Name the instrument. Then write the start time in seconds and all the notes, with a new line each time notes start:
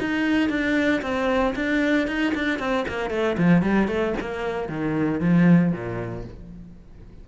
cello
0.00 D#4
0.49 D4
1.02 C4
1.55 D4
2.07 D#4
2.35 D4
2.59 C4
2.88 A#3
3.10 A3
3.38 F3
3.62 G3
3.88 A3
4.20 A#3
4.68 D#3
5.20 F3
5.72 A#2